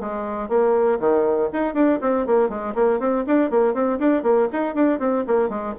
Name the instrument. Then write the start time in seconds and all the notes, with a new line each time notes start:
bassoon
0.00 G#3
0.49 A#3
1.00 D#3
1.53 D#4
1.74 D4
2.01 C4
2.26 A#3
2.49 G#3
2.75 A#3
3.00 C4
3.27 D4
3.50 A#3
3.74 C4
3.99 D4
4.23 A#3
4.53 D#4
4.75 D4
4.99 C4
5.27 A#3
5.49 G#3